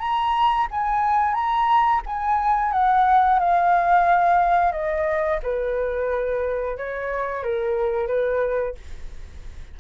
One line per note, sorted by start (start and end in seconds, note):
0.00 0.67 A#5
0.71 1.35 G#5
1.35 2.02 A#5
2.07 2.72 G#5
2.72 3.40 F#5
3.40 4.73 F5
4.73 5.40 D#5
5.43 6.78 B4
6.78 7.44 C#5
7.44 8.08 A#4
8.08 8.75 B4